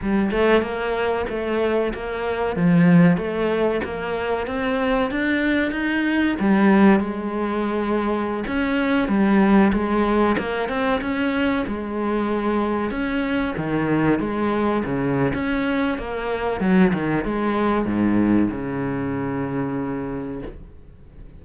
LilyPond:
\new Staff \with { instrumentName = "cello" } { \time 4/4 \tempo 4 = 94 g8 a8 ais4 a4 ais4 | f4 a4 ais4 c'4 | d'4 dis'4 g4 gis4~ | gis4~ gis16 cis'4 g4 gis8.~ |
gis16 ais8 c'8 cis'4 gis4.~ gis16~ | gis16 cis'4 dis4 gis4 cis8. | cis'4 ais4 fis8 dis8 gis4 | gis,4 cis2. | }